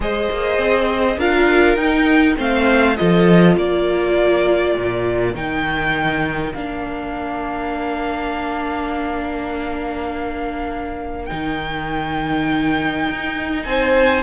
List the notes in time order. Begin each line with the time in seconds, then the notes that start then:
0.00 G#3 G#4 C5 D#5
0.31 A#3
0.58 C4
1.17 D4 F4 A#4 F5
1.76 D#4 G5
2.37 A3 C4 C5 F5
2.96 F3 F4 A4 D#5
3.56 A#3 A#4 D5
4.75 A#2
5.34 D#3 D#4 G5
6.53 A#3 D4 F5
11.25 D#3 D#4 G5
13.09 D#4
13.64 C4 C5 G#5